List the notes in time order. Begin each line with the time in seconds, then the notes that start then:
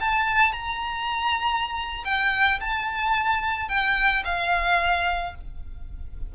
0.00 A5
0.52 A#5
2.04 G5
2.60 A5
3.68 G5
4.24 F5